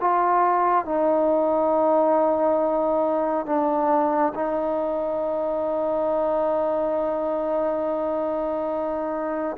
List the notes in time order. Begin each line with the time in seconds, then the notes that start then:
0.00 F4
0.85 D#4
3.46 D4
4.35 D#4